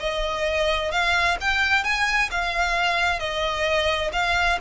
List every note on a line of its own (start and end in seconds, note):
0.00 0.92 D#5
0.92 1.38 F5
1.41 1.84 G5
1.84 2.30 G#5
2.31 3.20 F5
3.20 4.11 D#5
4.13 4.59 F5